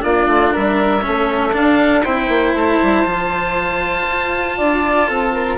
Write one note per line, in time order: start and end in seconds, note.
0.00 0.27 A#3
0.00 1.01 D4
0.00 0.53 F4
0.00 0.54 D5
0.27 0.53 A3
0.53 1.07 G3
0.53 1.03 A#4
0.53 1.56 E5
1.02 1.56 A3
1.02 1.52 C#4
1.02 2.05 A4
1.53 2.03 D4
1.53 2.06 D4
1.53 2.04 F5
2.04 2.29 C4
2.04 3.06 E4
2.04 4.57 C5
2.04 2.54 G5
2.29 2.54 A#3
2.54 2.80 A3
2.54 5.58 A5
2.84 3.06 G3
3.06 4.07 F3
3.06 5.58 F4
4.08 4.59 F4
4.58 5.09 D4
4.58 5.08 D5
5.08 5.58 C4
5.08 5.33 A4
5.34 5.58 A#4